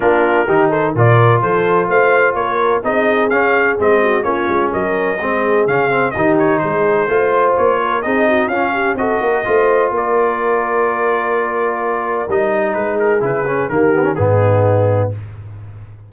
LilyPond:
<<
  \new Staff \with { instrumentName = "trumpet" } { \time 4/4 \tempo 4 = 127 ais'4. c''8 d''4 c''4 | f''4 cis''4 dis''4 f''4 | dis''4 cis''4 dis''2 | f''4 dis''8 cis''8 c''2 |
cis''4 dis''4 f''4 dis''4~ | dis''4 d''2.~ | d''2 dis''4 b'8 ais'8 | b'4 ais'4 gis'2 | }
  \new Staff \with { instrumentName = "horn" } { \time 4/4 f'4 g'8 a'8 ais'4 a'4 | c''4 ais'4 gis'2~ | gis'8 fis'8 f'4 ais'4 gis'4~ | gis'4 g'4 gis'4 c''4~ |
c''8 ais'8 gis'8 fis'8 f'8 g'8 a'8 ais'8 | c''4 ais'2.~ | ais'2. gis'4~ | gis'4 g'4 dis'2 | }
  \new Staff \with { instrumentName = "trombone" } { \time 4/4 d'4 dis'4 f'2~ | f'2 dis'4 cis'4 | c'4 cis'2 c'4 | cis'8 c'8 dis'2 f'4~ |
f'4 dis'4 cis'4 fis'4 | f'1~ | f'2 dis'2 | e'8 cis'8 ais8 b16 cis'16 b2 | }
  \new Staff \with { instrumentName = "tuba" } { \time 4/4 ais4 dis4 ais,4 f4 | a4 ais4 c'4 cis'4 | gis4 ais8 gis8 fis4 gis4 | cis4 dis4 gis4 a4 |
ais4 c'4 cis'4 c'8 ais8 | a4 ais2.~ | ais2 g4 gis4 | cis4 dis4 gis,2 | }
>>